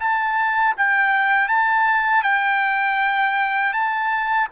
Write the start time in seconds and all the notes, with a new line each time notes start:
0.00 A5
0.77 G5
1.48 A5
2.23 G5
3.73 A5